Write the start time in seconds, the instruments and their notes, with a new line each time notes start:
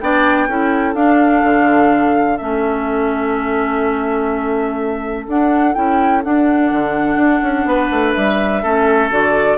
0.00 bassoon B3, clarinet D4, oboe D5, flute G5
0.48 bassoon C#4, clarinet E4, oboe A4
0.95 bassoon D4, clarinet D4, flute F5
1.44 bassoon D3
2.38 bassoon A3, clarinet C#4, flute E5
5.27 bassoon D4, clarinet D4, flute F#5
5.74 bassoon C#4, clarinet E4, flute G5
6.24 clarinet D4, bassoon D4, flute F#5
6.72 bassoon D3
7.16 bassoon D4
7.42 bassoon C#4
7.65 bassoon B3, oboe B4
7.91 bassoon A3
8.13 bassoon G3, flute E5
8.63 bassoon A3, clarinet C#4, oboe A4
9.11 bassoon D3, clarinet F#4, flute D5